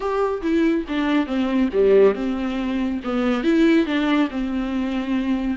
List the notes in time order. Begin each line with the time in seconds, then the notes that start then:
0.00 G4
0.42 E4
0.88 D4
1.26 C4
1.73 G3
2.14 C4
3.04 B3
3.43 E4
3.86 D4
4.30 C4